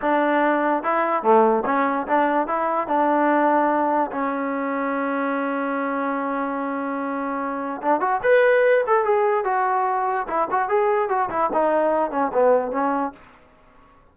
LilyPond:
\new Staff \with { instrumentName = "trombone" } { \time 4/4 \tempo 4 = 146 d'2 e'4 a4 | cis'4 d'4 e'4 d'4~ | d'2 cis'2~ | cis'1~ |
cis'2. d'8 fis'8 | b'4. a'8 gis'4 fis'4~ | fis'4 e'8 fis'8 gis'4 fis'8 e'8 | dis'4. cis'8 b4 cis'4 | }